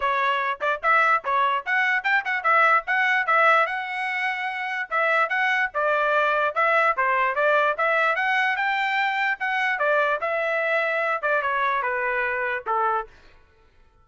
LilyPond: \new Staff \with { instrumentName = "trumpet" } { \time 4/4 \tempo 4 = 147 cis''4. d''8 e''4 cis''4 | fis''4 g''8 fis''8 e''4 fis''4 | e''4 fis''2. | e''4 fis''4 d''2 |
e''4 c''4 d''4 e''4 | fis''4 g''2 fis''4 | d''4 e''2~ e''8 d''8 | cis''4 b'2 a'4 | }